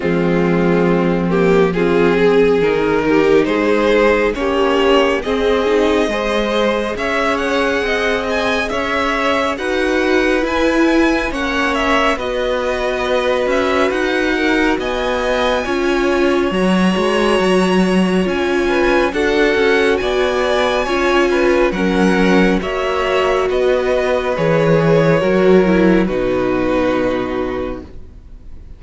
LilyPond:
<<
  \new Staff \with { instrumentName = "violin" } { \time 4/4 \tempo 4 = 69 f'4. g'8 gis'4 ais'4 | c''4 cis''4 dis''2 | e''8 fis''4 gis''8 e''4 fis''4 | gis''4 fis''8 e''8 dis''4. e''8 |
fis''4 gis''2 ais''4~ | ais''4 gis''4 fis''4 gis''4~ | gis''4 fis''4 e''4 dis''4 | cis''2 b'2 | }
  \new Staff \with { instrumentName = "violin" } { \time 4/4 c'2 f'8 gis'4 g'8 | gis'4 g'4 gis'4 c''4 | cis''4 dis''4 cis''4 b'4~ | b'4 cis''4 b'2~ |
b'8 ais'8 dis''4 cis''2~ | cis''4. b'8 a'4 d''4 | cis''8 b'8 ais'4 cis''4 b'4~ | b'4 ais'4 fis'2 | }
  \new Staff \with { instrumentName = "viola" } { \time 4/4 gis4. ais8 c'4 dis'4~ | dis'4 cis'4 c'8 dis'8 gis'4~ | gis'2. fis'4 | e'4 cis'4 fis'2~ |
fis'2 f'4 fis'4~ | fis'4 f'4 fis'2 | f'4 cis'4 fis'2 | gis'4 fis'8 e'8 dis'2 | }
  \new Staff \with { instrumentName = "cello" } { \time 4/4 f2. dis4 | gis4 ais4 c'4 gis4 | cis'4 c'4 cis'4 dis'4 | e'4 ais4 b4. cis'8 |
dis'4 b4 cis'4 fis8 gis8 | fis4 cis'4 d'8 cis'8 b4 | cis'4 fis4 ais4 b4 | e4 fis4 b,2 | }
>>